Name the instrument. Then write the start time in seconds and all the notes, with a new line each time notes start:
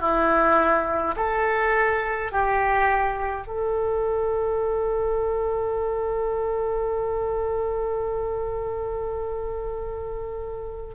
oboe
0.00 E4
1.16 A4
2.32 G4
3.47 A4